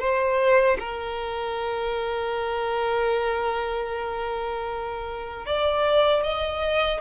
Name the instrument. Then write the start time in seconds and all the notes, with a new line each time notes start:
violin
0.00 C5
0.80 A#4
5.47 D5
6.24 D#5